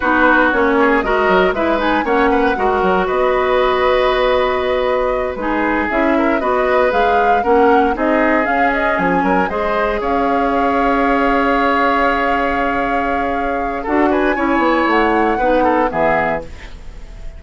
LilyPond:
<<
  \new Staff \with { instrumentName = "flute" } { \time 4/4 \tempo 4 = 117 b'4 cis''4 dis''4 e''8 gis''8 | fis''2 dis''2~ | dis''2~ dis''8 b'4 e''8~ | e''8 dis''4 f''4 fis''4 dis''8~ |
dis''8 f''8 dis''8 gis''4 dis''4 f''8~ | f''1~ | f''2. fis''8 gis''8~ | gis''4 fis''2 e''4 | }
  \new Staff \with { instrumentName = "oboe" } { \time 4/4 fis'4. gis'8 ais'4 b'4 | cis''8 b'8 ais'4 b'2~ | b'2~ b'8 gis'4. | ais'8 b'2 ais'4 gis'8~ |
gis'2 ais'8 c''4 cis''8~ | cis''1~ | cis''2. a'8 b'8 | cis''2 b'8 a'8 gis'4 | }
  \new Staff \with { instrumentName = "clarinet" } { \time 4/4 dis'4 cis'4 fis'4 e'8 dis'8 | cis'4 fis'2.~ | fis'2~ fis'8 dis'4 e'8~ | e'8 fis'4 gis'4 cis'4 dis'8~ |
dis'8 cis'2 gis'4.~ | gis'1~ | gis'2. fis'4 | e'2 dis'4 b4 | }
  \new Staff \with { instrumentName = "bassoon" } { \time 4/4 b4 ais4 gis8 fis8 gis4 | ais4 gis8 fis8 b2~ | b2~ b8 gis4 cis'8~ | cis'8 b4 gis4 ais4 c'8~ |
c'8 cis'4 f8 fis8 gis4 cis'8~ | cis'1~ | cis'2. d'4 | cis'8 b8 a4 b4 e4 | }
>>